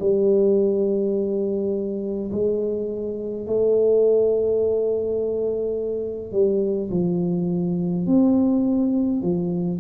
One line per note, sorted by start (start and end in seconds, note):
0.00 2.31 G3
2.31 3.47 G#3
3.47 6.32 A3
6.32 6.90 G3
6.91 8.07 F3
8.07 9.22 C4
9.22 9.80 F3